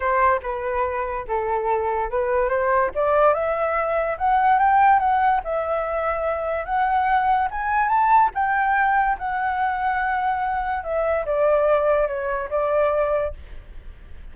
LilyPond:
\new Staff \with { instrumentName = "flute" } { \time 4/4 \tempo 4 = 144 c''4 b'2 a'4~ | a'4 b'4 c''4 d''4 | e''2 fis''4 g''4 | fis''4 e''2. |
fis''2 gis''4 a''4 | g''2 fis''2~ | fis''2 e''4 d''4~ | d''4 cis''4 d''2 | }